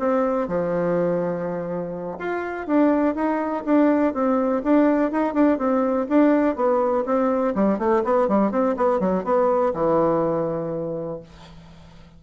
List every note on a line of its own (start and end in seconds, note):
0.00 0.48 C4
0.48 2.19 F3
2.19 2.67 F4
2.67 3.16 D4
3.16 3.65 D#4
3.65 4.14 D4
4.14 4.63 C4
4.64 5.12 D4
5.12 5.34 D#4
5.34 5.59 D4
5.59 6.08 C4
6.10 6.56 D4
6.56 7.05 B3
7.06 7.55 C4
7.56 7.79 G3
7.79 8.03 A3
8.05 8.29 B3
8.29 8.52 G3
8.52 8.76 C4
8.77 9.00 B3
9.00 9.25 F#3
9.25 9.74 B3
9.74 11.21 E3